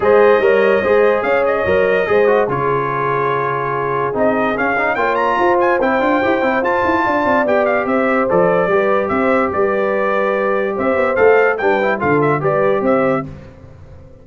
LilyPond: <<
  \new Staff \with { instrumentName = "trumpet" } { \time 4/4 \tempo 4 = 145 dis''2. f''8 dis''8~ | dis''2 cis''2~ | cis''2 dis''4 f''4 | g''8 ais''4 gis''8 g''2 |
a''2 g''8 f''8 e''4 | d''2 e''4 d''4~ | d''2 e''4 f''4 | g''4 f''8 e''8 d''4 e''4 | }
  \new Staff \with { instrumentName = "horn" } { \time 4/4 c''4 cis''4 c''4 cis''4~ | cis''4 c''4 gis'2~ | gis'1 | cis''4 c''2.~ |
c''4 d''2 c''4~ | c''4 b'4 c''4 b'4~ | b'2 c''2 | b'4 a'4 b'4 c''4 | }
  \new Staff \with { instrumentName = "trombone" } { \time 4/4 gis'4 ais'4 gis'2 | ais'4 gis'8 fis'8 f'2~ | f'2 dis'4 cis'8 dis'8 | f'2 e'8 f'8 g'8 e'8 |
f'2 g'2 | a'4 g'2.~ | g'2. a'4 | d'8 e'8 f'4 g'2 | }
  \new Staff \with { instrumentName = "tuba" } { \time 4/4 gis4 g4 gis4 cis'4 | fis4 gis4 cis2~ | cis2 c'4 cis'4 | ais4 f'4 c'8 d'8 e'8 c'8 |
f'8 e'8 d'8 c'8 b4 c'4 | f4 g4 c'4 g4~ | g2 c'8 b8 a4 | g4 d4 g4 c'4 | }
>>